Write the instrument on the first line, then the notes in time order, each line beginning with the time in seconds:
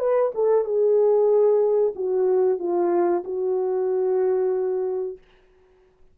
horn
0.00 B4
0.35 A4
0.65 G#4
1.96 F#4
2.60 F4
3.25 F#4